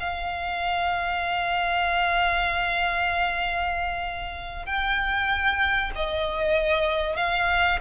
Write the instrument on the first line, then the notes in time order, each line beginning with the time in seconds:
violin
0.00 F5
4.66 G5
5.95 D#5
7.16 F5